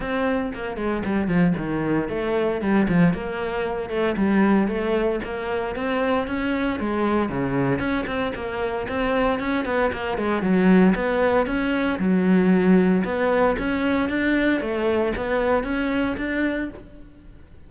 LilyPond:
\new Staff \with { instrumentName = "cello" } { \time 4/4 \tempo 4 = 115 c'4 ais8 gis8 g8 f8 dis4 | a4 g8 f8 ais4. a8 | g4 a4 ais4 c'4 | cis'4 gis4 cis4 cis'8 c'8 |
ais4 c'4 cis'8 b8 ais8 gis8 | fis4 b4 cis'4 fis4~ | fis4 b4 cis'4 d'4 | a4 b4 cis'4 d'4 | }